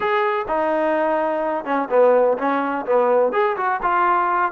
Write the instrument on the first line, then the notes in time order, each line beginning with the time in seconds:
trombone
0.00 G#4
0.47 D#4
1.64 C#4
1.89 B3
2.37 C#4
2.86 B3
3.32 G#4
3.56 F#4
3.82 F4